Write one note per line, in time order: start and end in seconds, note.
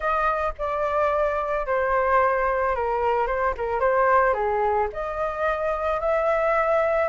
0.00 0.53 D#5
0.58 1.66 D5
1.66 2.75 C5
2.75 3.26 A#4
3.26 3.54 C5
3.57 3.79 A#4
3.79 4.33 C5
4.33 4.88 G#4
4.92 6.00 D#5
6.00 7.08 E5